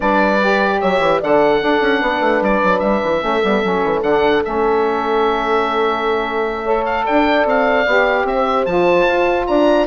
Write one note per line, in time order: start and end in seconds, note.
0.00 0.81 G3
0.00 0.40 D4
0.00 0.78 B4
0.00 0.80 D5
0.42 1.21 G4
0.79 0.99 F#3
0.79 1.19 C#5
0.79 1.20 E5
0.99 1.20 E3
1.20 1.62 D3
1.20 1.61 A4
1.20 1.60 D5
1.20 2.43 F#5
1.61 3.20 D4
1.61 1.81 D4
1.61 2.01 A4
1.81 2.01 C#4
2.01 2.20 B3
2.01 3.21 B4
2.20 2.40 A3
2.41 2.61 G3
2.41 2.79 D5
2.63 2.81 F#3
2.79 3.01 G3
2.79 4.00 E5
3.03 3.23 E3
3.20 3.43 A3
3.20 3.40 C#4
3.20 6.63 A4
3.42 3.63 G3
3.42 3.62 B3
3.63 3.84 F#3
3.63 4.03 C#4
3.84 4.02 E3
4.02 4.42 D3
4.02 4.43 D4
4.02 4.43 F#5
4.43 7.08 A3
4.43 6.65 C#4
4.43 6.85 E5
6.63 7.86 A4
6.63 7.03 C#5
6.85 7.05 F5
7.04 7.45 D4
7.04 8.25 D5
7.04 7.46 G5
7.45 7.85 C4
7.45 8.26 F5
7.86 8.24 B3
7.86 8.66 G4
8.24 8.64 C4
8.24 9.47 C5
8.24 8.65 E5
8.65 9.06 F3
8.65 9.86 F4
8.65 9.46 A5
9.07 9.47 F4
9.46 9.86 D4
9.46 9.86 D5
9.46 9.86 A#5